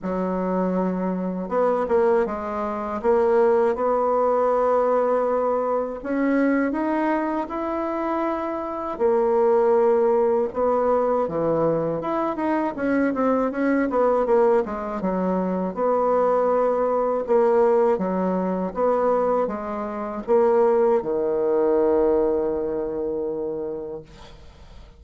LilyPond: \new Staff \with { instrumentName = "bassoon" } { \time 4/4 \tempo 4 = 80 fis2 b8 ais8 gis4 | ais4 b2. | cis'4 dis'4 e'2 | ais2 b4 e4 |
e'8 dis'8 cis'8 c'8 cis'8 b8 ais8 gis8 | fis4 b2 ais4 | fis4 b4 gis4 ais4 | dis1 | }